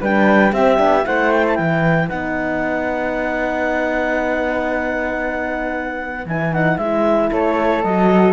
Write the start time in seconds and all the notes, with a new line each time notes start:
0.00 G3 D4 B4 G5
0.52 C4 G4 E5
0.77 B3 D4
1.04 A3 E4 C5 F#5
1.31 G5
1.47 A5
1.55 E3 B4 G5
2.09 B3 D#4 F#5
6.25 E3 E4 G#5
6.53 D#4 F#5
6.77 G#3 E4 E5
7.32 A3 A4 C#5
7.83 F#3 F#4 D#5